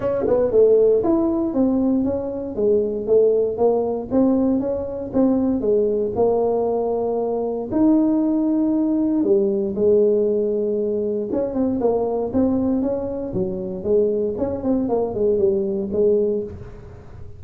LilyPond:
\new Staff \with { instrumentName = "tuba" } { \time 4/4 \tempo 4 = 117 cis'8 b8 a4 e'4 c'4 | cis'4 gis4 a4 ais4 | c'4 cis'4 c'4 gis4 | ais2. dis'4~ |
dis'2 g4 gis4~ | gis2 cis'8 c'8 ais4 | c'4 cis'4 fis4 gis4 | cis'8 c'8 ais8 gis8 g4 gis4 | }